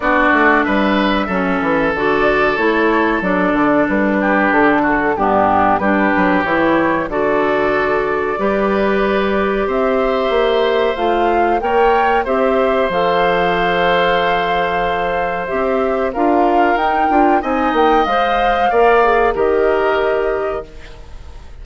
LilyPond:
<<
  \new Staff \with { instrumentName = "flute" } { \time 4/4 \tempo 4 = 93 d''4 e''2 d''4 | cis''4 d''4 b'4 a'4 | g'4 b'4 cis''4 d''4~ | d''2. e''4~ |
e''4 f''4 g''4 e''4 | f''1 | e''4 f''4 g''4 gis''8 g''8 | f''2 dis''2 | }
  \new Staff \with { instrumentName = "oboe" } { \time 4/4 fis'4 b'4 a'2~ | a'2~ a'8 g'4 fis'8 | d'4 g'2 a'4~ | a'4 b'2 c''4~ |
c''2 cis''4 c''4~ | c''1~ | c''4 ais'2 dis''4~ | dis''4 d''4 ais'2 | }
  \new Staff \with { instrumentName = "clarinet" } { \time 4/4 d'2 cis'4 fis'4 | e'4 d'2. | b4 d'4 e'4 fis'4~ | fis'4 g'2.~ |
g'4 f'4 ais'4 g'4 | a'1 | g'4 f'4 dis'8 f'8 dis'4 | c''4 ais'8 gis'8 g'2 | }
  \new Staff \with { instrumentName = "bassoon" } { \time 4/4 b8 a8 g4 fis8 e8 d4 | a4 fis8 d8 g4 d4 | g,4 g8 fis8 e4 d4~ | d4 g2 c'4 |
ais4 a4 ais4 c'4 | f1 | c'4 d'4 dis'8 d'8 c'8 ais8 | gis4 ais4 dis2 | }
>>